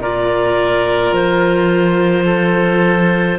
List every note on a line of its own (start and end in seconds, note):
0.00 1.12 A#2
0.00 3.39 F4
0.00 2.25 A#4
0.00 1.14 D5
1.12 3.38 F3
1.12 3.39 C5
2.25 3.39 A4